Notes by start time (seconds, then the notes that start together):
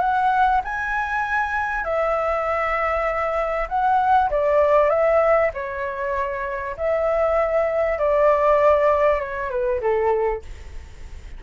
0.00 F#5
0.64 G#5
1.85 E5
3.69 F#5
4.31 D5
4.90 E5
5.54 C#5
6.77 E5
7.99 D5
9.20 C#5
9.50 B4
9.81 A4